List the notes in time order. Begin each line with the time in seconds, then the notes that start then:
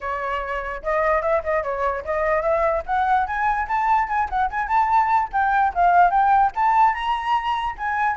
0.00 C#5
0.82 D#5
1.22 E5
1.43 D#5
1.63 C#5
2.04 D#5
2.42 E5
2.86 F#5
3.27 G#5
3.68 A5
4.08 G#5
4.29 F#5
4.50 G#5
4.67 A5
5.32 G5
5.74 F5
6.10 G5
6.55 A5
6.94 A#5
7.77 G#5